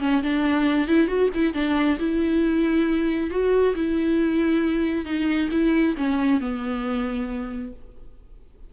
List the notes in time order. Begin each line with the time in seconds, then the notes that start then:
0.00 C#4
0.23 D4
0.87 E4
1.07 F#4
1.34 E4
1.54 D4
1.99 E4
3.30 F#4
3.75 E4
5.05 D#4
5.51 E4
5.97 C#4
6.40 B3